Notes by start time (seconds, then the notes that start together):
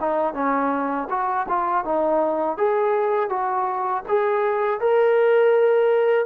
0.00 D#4
0.34 C#4
1.10 F#4
1.48 F4
1.85 D#4
2.58 G#4
3.30 F#4
4.08 G#4
4.80 A#4